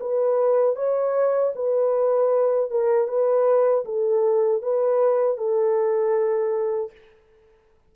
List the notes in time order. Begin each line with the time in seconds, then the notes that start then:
0.00 B4
0.76 C#5
1.55 B4
2.70 A#4
3.08 B4
3.85 A4
4.62 B4
5.37 A4